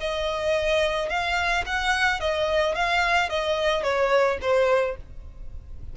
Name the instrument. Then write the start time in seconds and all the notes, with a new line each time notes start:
violin
0.00 D#5
1.10 F5
1.66 F#5
2.20 D#5
2.75 F5
3.30 D#5
3.83 C#5
4.42 C5